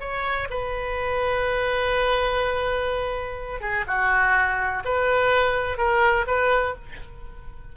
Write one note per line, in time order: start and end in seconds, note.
0.00 0.48 C#5
0.50 3.61 B4
3.61 3.85 G#4
3.87 4.83 F#4
4.85 5.77 B4
5.77 6.25 A#4
6.27 6.75 B4